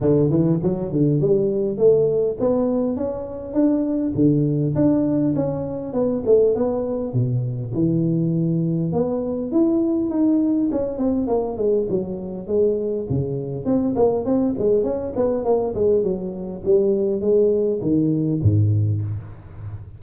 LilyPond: \new Staff \with { instrumentName = "tuba" } { \time 4/4 \tempo 4 = 101 d8 e8 fis8 d8 g4 a4 | b4 cis'4 d'4 d4 | d'4 cis'4 b8 a8 b4 | b,4 e2 b4 |
e'4 dis'4 cis'8 c'8 ais8 gis8 | fis4 gis4 cis4 c'8 ais8 | c'8 gis8 cis'8 b8 ais8 gis8 fis4 | g4 gis4 dis4 gis,4 | }